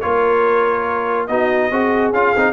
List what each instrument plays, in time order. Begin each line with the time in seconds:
0.00 tuba A#3, trombone F4, horn A#4, trumpet C#5
1.27 tuba B3, trombone D#4, horn F#4, trumpet D#5
1.70 tuba C4, trombone F#4, horn G#4
2.12 tuba C#4, trombone F4, trumpet F5
2.36 tuba C4, trombone D#4